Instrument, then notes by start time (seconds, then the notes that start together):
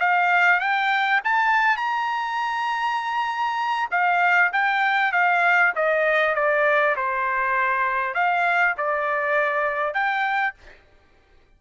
trumpet
0.00 F5
0.60 G5
1.24 A5
1.77 A#5
3.91 F5
4.53 G5
5.12 F5
5.76 D#5
6.35 D5
6.96 C5
8.14 F5
8.77 D5
9.94 G5